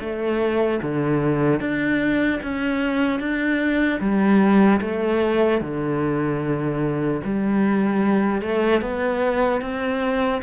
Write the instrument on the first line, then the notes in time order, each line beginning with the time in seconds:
cello
0.00 A3
0.82 D3
1.60 D4
2.43 C#4
3.20 D4
4.00 G3
4.81 A3
5.61 D3
7.24 G3
8.41 A3
8.81 B3
9.61 C4